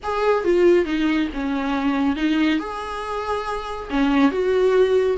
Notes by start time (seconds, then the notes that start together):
0.03 G#4
0.44 F4
0.85 D#4
1.33 C#4
2.16 D#4
2.59 G#4
3.90 C#4
4.31 F#4